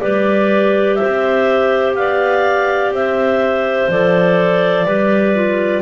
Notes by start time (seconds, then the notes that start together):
0.00 G3 G4 B4 D5
0.95 C5 E5
1.03 C4
1.95 B3 D5 F5
2.91 C4 C5 E5
3.88 F3 A4 D5
4.85 G3 G4 B4
5.35 F4